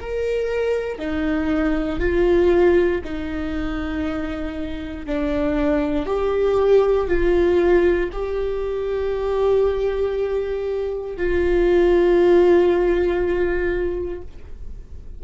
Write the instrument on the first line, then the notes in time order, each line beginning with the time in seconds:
viola
0.00 A#4
0.98 D#4
1.99 F4
3.04 D#4
5.06 D4
6.06 G4
7.08 F4
8.13 G4
11.17 F4